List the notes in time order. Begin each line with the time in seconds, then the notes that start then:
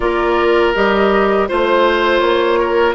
0.00 A#3 F4 A#4 D5
0.74 G3 G4 D#5
1.48 A3 F4 C5
2.19 A#3 C#5
2.59 A#4